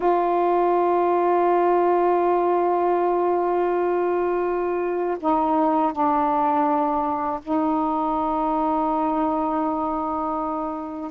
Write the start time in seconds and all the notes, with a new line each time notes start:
0.00 F4
5.20 D#4
5.92 D4
7.42 D#4